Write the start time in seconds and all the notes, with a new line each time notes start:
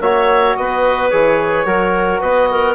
0.00 A#3 F#4 C#5 E5
0.56 B3 B4 D#5
1.10 E3 G#4 C#5
1.65 F#3 F#4 A#4
2.20 B3 B4 D#5
2.51 A#4